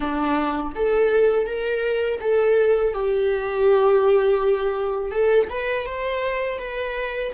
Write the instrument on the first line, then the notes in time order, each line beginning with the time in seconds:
viola
0.00 D4
0.75 A4
1.46 A#4
2.21 A4
2.93 G4
5.11 A4
5.49 B4
5.86 C5
6.59 B4